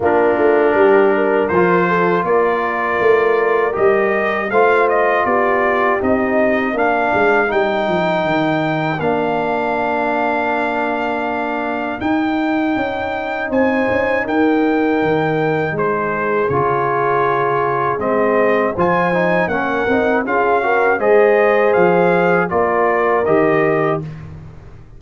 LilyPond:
<<
  \new Staff \with { instrumentName = "trumpet" } { \time 4/4 \tempo 4 = 80 ais'2 c''4 d''4~ | d''4 dis''4 f''8 dis''8 d''4 | dis''4 f''4 g''2 | f''1 |
g''2 gis''4 g''4~ | g''4 c''4 cis''2 | dis''4 gis''4 fis''4 f''4 | dis''4 f''4 d''4 dis''4 | }
  \new Staff \with { instrumentName = "horn" } { \time 4/4 f'4 g'8 ais'4 a'8 ais'4~ | ais'2 c''4 g'4~ | g'4 ais'2.~ | ais'1~ |
ais'2 c''4 ais'4~ | ais'4 gis'2.~ | gis'4 c''4 ais'4 gis'8 ais'8 | c''2 ais'2 | }
  \new Staff \with { instrumentName = "trombone" } { \time 4/4 d'2 f'2~ | f'4 g'4 f'2 | dis'4 d'4 dis'2 | d'1 |
dis'1~ | dis'2 f'2 | c'4 f'8 dis'8 cis'8 dis'8 f'8 fis'8 | gis'2 f'4 g'4 | }
  \new Staff \with { instrumentName = "tuba" } { \time 4/4 ais8 a8 g4 f4 ais4 | a4 g4 a4 b4 | c'4 ais8 gis8 g8 f8 dis4 | ais1 |
dis'4 cis'4 c'8 cis'8 dis'4 | dis4 gis4 cis2 | gis4 f4 ais8 c'8 cis'4 | gis4 f4 ais4 dis4 | }
>>